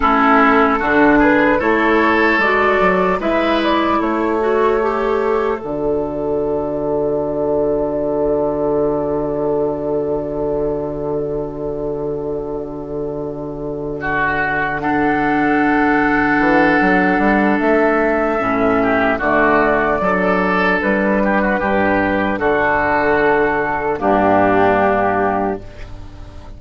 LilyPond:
<<
  \new Staff \with { instrumentName = "flute" } { \time 4/4 \tempo 4 = 75 a'4. b'8 cis''4 d''4 | e''8 d''8 cis''2 d''4~ | d''1~ | d''1~ |
d''2~ d''8 fis''4.~ | fis''2 e''2 | d''2 b'2 | a'2 g'2 | }
  \new Staff \with { instrumentName = "oboe" } { \time 4/4 e'4 fis'8 gis'8 a'2 | b'4 a'2.~ | a'1~ | a'1~ |
a'4. fis'4 a'4.~ | a'2.~ a'8 g'8 | fis'4 a'4. g'16 fis'16 g'4 | fis'2 d'2 | }
  \new Staff \with { instrumentName = "clarinet" } { \time 4/4 cis'4 d'4 e'4 fis'4 | e'4. fis'8 g'4 fis'4~ | fis'1~ | fis'1~ |
fis'2~ fis'8 d'4.~ | d'2. cis'4 | a4 d'2.~ | d'2 ais2 | }
  \new Staff \with { instrumentName = "bassoon" } { \time 4/4 a4 d4 a4 gis8 fis8 | gis4 a2 d4~ | d1~ | d1~ |
d1~ | d8 e8 fis8 g8 a4 a,4 | d4 fis4 g4 g,4 | d2 g,2 | }
>>